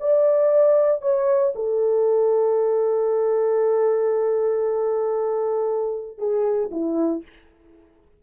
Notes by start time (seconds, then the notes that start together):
0.00 D5
1.02 C#5
1.55 A4
6.18 G#4
6.71 E4